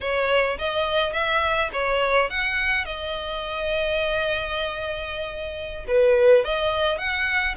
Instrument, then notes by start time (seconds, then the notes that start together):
violin
0.01 C#5
0.58 D#5
1.12 E5
1.72 C#5
2.30 F#5
2.85 D#5
5.87 B4
6.44 D#5
6.97 F#5